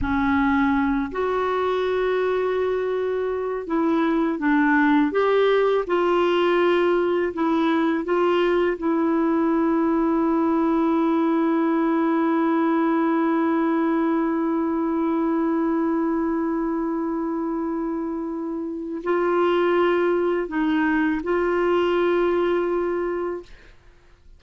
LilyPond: \new Staff \with { instrumentName = "clarinet" } { \time 4/4 \tempo 4 = 82 cis'4. fis'2~ fis'8~ | fis'4 e'4 d'4 g'4 | f'2 e'4 f'4 | e'1~ |
e'1~ | e'1~ | e'2 f'2 | dis'4 f'2. | }